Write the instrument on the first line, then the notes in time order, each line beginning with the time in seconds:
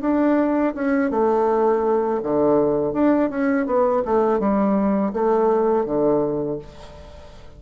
bassoon
0.00 D4
0.74 C#4
1.10 A3
2.23 D3
2.93 D4
3.30 C#4
3.66 B3
4.04 A3
4.39 G3
5.13 A3
5.85 D3